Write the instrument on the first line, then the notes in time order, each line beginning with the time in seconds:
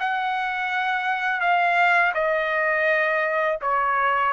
trumpet
0.00 F#5
1.41 F5
2.14 D#5
3.61 C#5